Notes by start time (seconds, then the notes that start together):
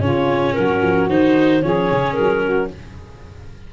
0.00 C#3 C#4 F4 C#5
0.53 F#3 F#4 A#4
0.82 F3
1.09 D#3 D#4 C5
1.62 F3 C#4 G#4 C#5
1.91 C#3
2.13 F#3 A#4
2.43 F#4